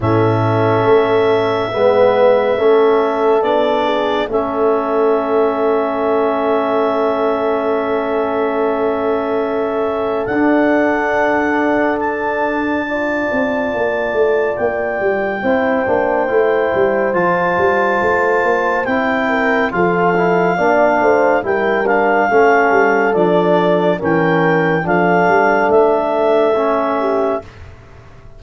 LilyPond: <<
  \new Staff \with { instrumentName = "clarinet" } { \time 4/4 \tempo 4 = 70 e''1 | d''4 e''2.~ | e''1 | fis''2 a''2~ |
a''4 g''2. | a''2 g''4 f''4~ | f''4 g''8 f''4. d''4 | g''4 f''4 e''2 | }
  \new Staff \with { instrumentName = "horn" } { \time 4/4 a'2 b'4 a'4~ | a'8 gis'8 a'2.~ | a'1~ | a'2. d''4~ |
d''2 c''2~ | c''2~ c''8 ais'8 a'4 | d''8 c''8 ais'4 a'2 | ais'4 a'2~ a'8 g'8 | }
  \new Staff \with { instrumentName = "trombone" } { \time 4/4 cis'2 b4 cis'4 | d'4 cis'2.~ | cis'1 | d'2. f'4~ |
f'2 e'8 d'8 e'4 | f'2 e'4 f'8 e'8 | d'4 e'8 d'8 cis'4 d'4 | cis'4 d'2 cis'4 | }
  \new Staff \with { instrumentName = "tuba" } { \time 4/4 a,4 a4 gis4 a4 | b4 a2.~ | a1 | d'2.~ d'8 c'8 |
ais8 a8 ais8 g8 c'8 ais8 a8 g8 | f8 g8 a8 ais8 c'4 f4 | ais8 a8 g4 a8 g8 f4 | e4 f8 g8 a2 | }
>>